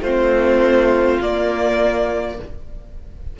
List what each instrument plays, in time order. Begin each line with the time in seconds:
0.00 cello A3, viola C4, violin F4 C5
1.21 cello A#3, viola A#3, violin D5